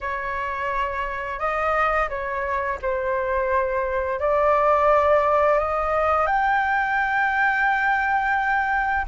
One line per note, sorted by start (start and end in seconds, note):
0.00 1.39 C#5
1.39 2.09 D#5
2.09 2.78 C#5
2.82 4.19 C5
4.19 5.58 D5
5.58 6.26 D#5
6.26 9.05 G5